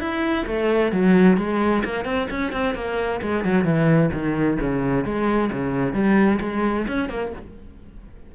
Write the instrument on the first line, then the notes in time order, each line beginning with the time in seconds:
cello
0.00 E4
0.46 A3
0.92 F#3
1.37 G#3
1.84 A#3
2.05 C4
2.30 C#4
2.52 C4
2.75 A#3
3.22 G#3
3.45 F#3
3.64 E3
4.13 D#3
4.60 C#3
5.05 G#3
5.52 C#3
5.93 G3
6.41 G#3
6.88 C#4
7.09 A#3